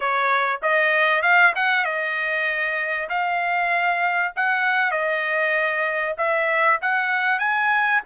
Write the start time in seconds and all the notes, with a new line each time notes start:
0.00 C#5
0.62 D#5
1.22 F5
1.55 F#5
1.84 D#5
3.09 F5
4.36 F#5
4.91 D#5
6.17 E5
6.81 F#5
7.39 G#5